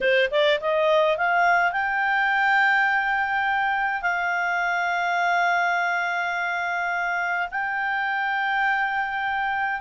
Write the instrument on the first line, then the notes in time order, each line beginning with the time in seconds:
clarinet
0.01 C5
0.30 D5
0.60 D#5
1.17 F5
1.72 G5
4.02 F5
7.51 G5